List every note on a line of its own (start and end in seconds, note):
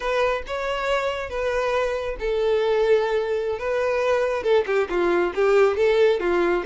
0.00 0.42 B4
0.46 1.29 C#5
1.29 2.16 B4
2.19 3.58 A4
3.58 4.43 B4
4.43 4.64 A4
4.66 4.88 G4
4.89 5.33 F4
5.35 5.76 G4
5.76 6.20 A4
6.20 6.63 F4